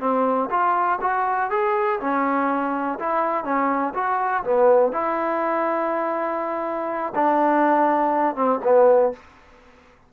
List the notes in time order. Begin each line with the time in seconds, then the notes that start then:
0.00 C4
0.50 F4
1.01 F#4
1.50 G#4
2.01 C#4
3.00 E4
3.44 C#4
3.95 F#4
4.44 B3
4.92 E4
7.15 D4
8.35 C4
8.64 B3